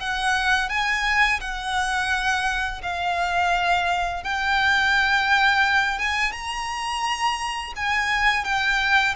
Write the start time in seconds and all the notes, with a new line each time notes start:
0.00 F#5
0.69 G#5
1.40 F#5
2.82 F5
4.24 G5
5.99 G#5
6.32 A#5
7.76 G#5
8.44 G5